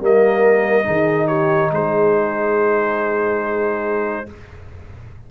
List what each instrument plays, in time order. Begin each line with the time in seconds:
0.00 tuba G3, trombone A#3, horn A#4, trumpet D#5
0.84 tuba D#3, trombone D#4, horn G#4
1.27 horn G4, trumpet C#5
1.72 tuba G#3, horn G#4, trumpet C5